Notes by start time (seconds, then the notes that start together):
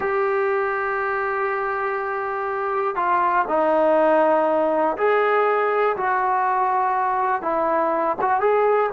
0.00 G4
2.95 F4
3.48 D#4
4.97 G#4
5.96 F#4
7.42 E4
8.21 F#4
8.40 G#4